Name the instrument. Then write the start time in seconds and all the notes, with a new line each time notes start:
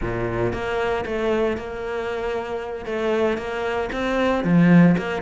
cello
0.01 A#2
0.52 A#3
1.05 A3
1.57 A#3
2.85 A3
3.37 A#3
3.92 C4
4.43 F3
4.97 A#3